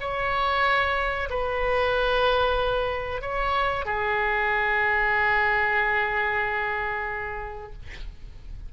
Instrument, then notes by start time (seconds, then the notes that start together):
oboe
0.00 C#5
1.30 B4
3.21 C#5
3.85 G#4